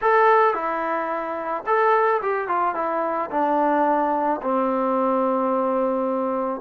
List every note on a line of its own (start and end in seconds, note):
0.01 0.54 A4
0.54 1.64 E4
1.66 2.21 A4
2.22 2.48 G4
2.48 2.74 F4
2.74 3.30 E4
3.30 4.40 D4
4.42 6.60 C4